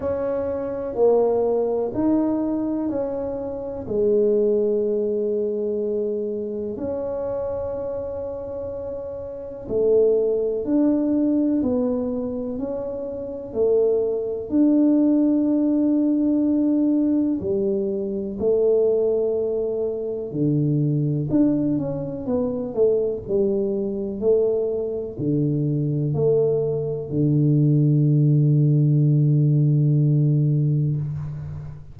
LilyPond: \new Staff \with { instrumentName = "tuba" } { \time 4/4 \tempo 4 = 62 cis'4 ais4 dis'4 cis'4 | gis2. cis'4~ | cis'2 a4 d'4 | b4 cis'4 a4 d'4~ |
d'2 g4 a4~ | a4 d4 d'8 cis'8 b8 a8 | g4 a4 d4 a4 | d1 | }